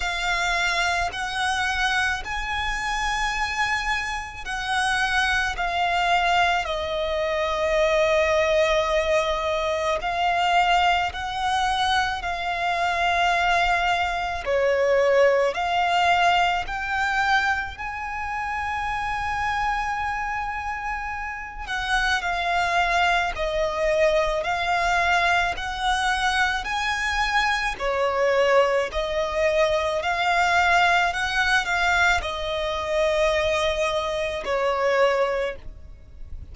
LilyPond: \new Staff \with { instrumentName = "violin" } { \time 4/4 \tempo 4 = 54 f''4 fis''4 gis''2 | fis''4 f''4 dis''2~ | dis''4 f''4 fis''4 f''4~ | f''4 cis''4 f''4 g''4 |
gis''2.~ gis''8 fis''8 | f''4 dis''4 f''4 fis''4 | gis''4 cis''4 dis''4 f''4 | fis''8 f''8 dis''2 cis''4 | }